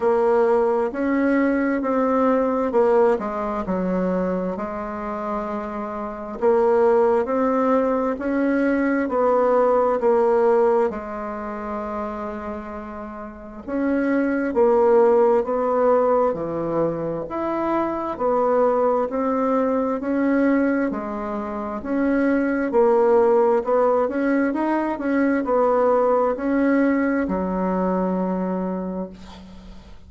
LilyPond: \new Staff \with { instrumentName = "bassoon" } { \time 4/4 \tempo 4 = 66 ais4 cis'4 c'4 ais8 gis8 | fis4 gis2 ais4 | c'4 cis'4 b4 ais4 | gis2. cis'4 |
ais4 b4 e4 e'4 | b4 c'4 cis'4 gis4 | cis'4 ais4 b8 cis'8 dis'8 cis'8 | b4 cis'4 fis2 | }